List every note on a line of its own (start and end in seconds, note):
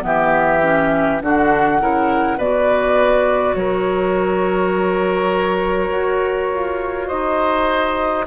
0.00 1.21 E3
0.00 0.59 B3
0.00 1.22 G4
0.00 1.21 E5
0.62 1.21 C#4
1.21 1.80 D3
1.21 1.79 D4
1.21 1.81 F#4
1.21 2.38 F#5
1.79 2.37 C#3
1.79 2.38 E4
1.79 2.37 A#4
2.37 3.55 B2
2.37 8.27 F#4
2.37 3.55 B4
2.37 3.54 D5
3.54 5.90 F#3
3.54 7.07 A#4
3.54 7.07 C#5
5.91 6.50 F#4
6.53 7.11 F4
7.07 8.27 D#4
7.07 8.25 C5
7.07 8.25 D#5